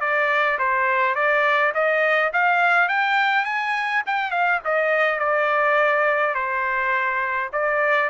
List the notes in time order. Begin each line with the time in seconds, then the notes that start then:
0.00 D5
0.58 C5
1.15 D5
1.74 D#5
2.33 F5
2.88 G5
3.45 G#5
4.06 G5
4.31 F5
4.64 D#5
5.19 D5
6.34 C5
7.52 D5